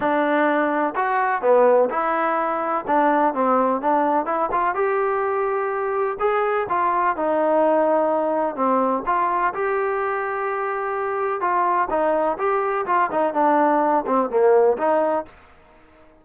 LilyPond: \new Staff \with { instrumentName = "trombone" } { \time 4/4 \tempo 4 = 126 d'2 fis'4 b4 | e'2 d'4 c'4 | d'4 e'8 f'8 g'2~ | g'4 gis'4 f'4 dis'4~ |
dis'2 c'4 f'4 | g'1 | f'4 dis'4 g'4 f'8 dis'8 | d'4. c'8 ais4 dis'4 | }